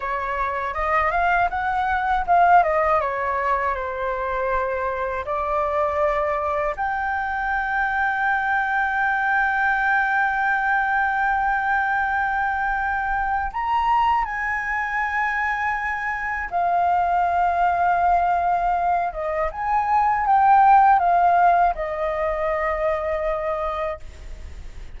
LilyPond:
\new Staff \with { instrumentName = "flute" } { \time 4/4 \tempo 4 = 80 cis''4 dis''8 f''8 fis''4 f''8 dis''8 | cis''4 c''2 d''4~ | d''4 g''2.~ | g''1~ |
g''2 ais''4 gis''4~ | gis''2 f''2~ | f''4. dis''8 gis''4 g''4 | f''4 dis''2. | }